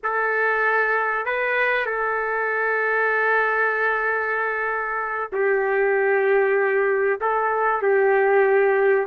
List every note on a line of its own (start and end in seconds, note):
0.03 1.25 A4
1.25 1.86 B4
1.86 5.29 A4
5.32 7.20 G4
7.20 7.82 A4
7.82 9.06 G4